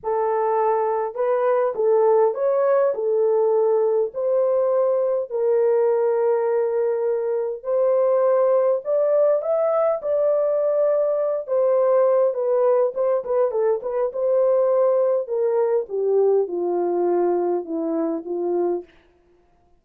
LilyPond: \new Staff \with { instrumentName = "horn" } { \time 4/4 \tempo 4 = 102 a'2 b'4 a'4 | cis''4 a'2 c''4~ | c''4 ais'2.~ | ais'4 c''2 d''4 |
e''4 d''2~ d''8 c''8~ | c''4 b'4 c''8 b'8 a'8 b'8 | c''2 ais'4 g'4 | f'2 e'4 f'4 | }